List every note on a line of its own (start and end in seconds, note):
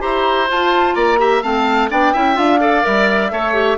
0.00 0.50 E4
0.00 0.47 G4
0.00 0.95 C5
0.00 0.48 A#5
0.49 1.19 F4
0.49 0.95 F4
0.49 0.95 A5
0.95 1.43 A#3
0.95 1.19 D5
0.95 1.42 A#5
1.19 1.42 G4
1.19 1.43 E5
1.43 1.91 A3
1.43 1.90 C4
1.43 1.90 F5
1.43 1.90 A5
1.90 2.14 B3
1.90 2.14 D4
1.90 2.13 D5
1.90 2.38 G5
2.13 2.37 C#4
2.13 2.35 E4
2.13 2.60 E5
2.35 2.84 D4
2.35 2.58 F4
2.35 2.85 F5
2.60 2.82 A4
2.60 3.32 D5
2.82 3.31 G3
2.82 3.29 A#4
2.82 3.78 E5
3.31 3.78 A3
3.31 3.54 A4
3.31 3.78 C#5
3.54 3.78 G4